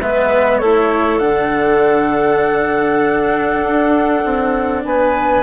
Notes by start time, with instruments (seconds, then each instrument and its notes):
0.00 bassoon G#3, cello B3, clarinet B4, flute E5
0.58 bassoon A3, cello E4, clarinet A4, flute C#5
1.19 bassoon D3, cello D4, flute F#5
3.61 bassoon D4
4.24 bassoon C4
4.85 bassoon B3, clarinet B4, flute G#5